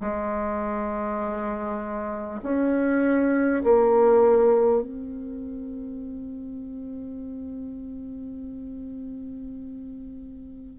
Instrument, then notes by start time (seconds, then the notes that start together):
bassoon
0.00 G#3
2.42 C#4
3.63 A#3
4.82 C4